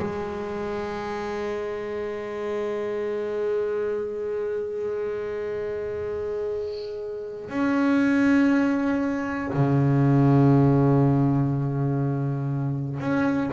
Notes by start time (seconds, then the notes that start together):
0.00 G#3
7.50 C#4
9.54 C#3
13.01 C#4